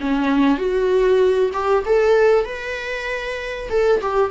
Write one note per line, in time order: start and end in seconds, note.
0.00 0.58 C#4
0.58 1.51 F#4
1.53 1.84 G4
1.85 2.45 A4
2.45 3.69 B4
3.69 4.00 A4
4.01 4.30 G4